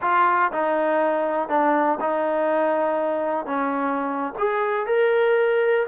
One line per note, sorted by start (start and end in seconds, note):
0.01 0.51 F4
0.51 1.49 D#4
1.49 1.99 D4
2.00 3.45 D#4
3.45 4.33 C#4
4.38 4.86 G#4
4.86 5.86 A#4